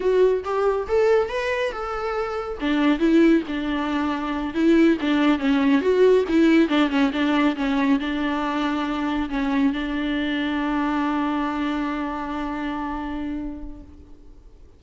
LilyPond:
\new Staff \with { instrumentName = "viola" } { \time 4/4 \tempo 4 = 139 fis'4 g'4 a'4 b'4 | a'2 d'4 e'4 | d'2~ d'8 e'4 d'8~ | d'8 cis'4 fis'4 e'4 d'8 |
cis'8 d'4 cis'4 d'4.~ | d'4. cis'4 d'4.~ | d'1~ | d'1 | }